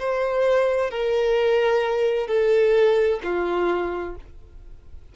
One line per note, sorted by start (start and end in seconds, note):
0.00 0.91 C5
0.91 2.28 A#4
2.28 3.20 A4
3.24 4.16 F4